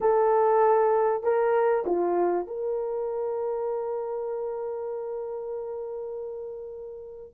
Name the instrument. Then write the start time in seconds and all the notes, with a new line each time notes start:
horn
0.00 A4
1.23 A#4
1.86 F4
2.47 A#4